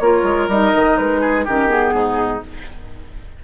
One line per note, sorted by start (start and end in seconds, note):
0.00 0.23 A#3
0.00 0.51 F4
0.00 1.21 A#4
0.00 0.49 C#5
0.23 0.48 G#3
0.48 0.73 G3
0.48 1.48 D#4
0.48 0.98 D#5
0.75 0.99 D#3
0.98 1.47 G#3
0.98 1.47 B4
1.21 1.45 G#4
1.45 1.93 D#3
1.45 1.68 C#4
1.45 1.94 G4
1.45 1.70 A#4
1.68 2.41 B3
1.68 2.43 G#4
1.93 2.42 G#2
1.93 2.45 D#4